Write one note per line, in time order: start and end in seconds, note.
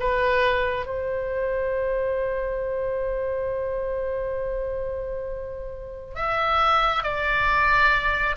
0.00 0.86 B4
0.86 6.16 C5
6.16 7.03 E5
7.03 8.36 D5